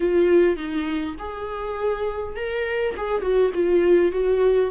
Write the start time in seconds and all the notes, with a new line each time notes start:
0.00 F4
0.56 D#4
1.18 G#4
2.35 A#4
2.96 G#4
3.21 F#4
3.53 F4
4.12 F#4